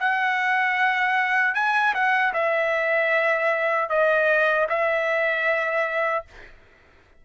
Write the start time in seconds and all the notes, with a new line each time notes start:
0.00 F#5
1.55 G#5
1.95 F#5
2.34 E5
3.90 D#5
4.70 E5